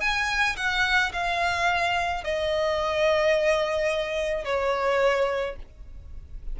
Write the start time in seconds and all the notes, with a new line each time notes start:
0.00 G#5
0.56 F#5
1.13 F5
2.24 D#5
4.44 C#5